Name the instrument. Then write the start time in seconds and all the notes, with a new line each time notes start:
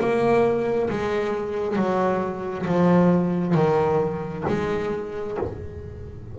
double bass
0.00 A#3
0.90 G#3
1.76 F#3
2.66 F3
3.55 D#3
4.49 G#3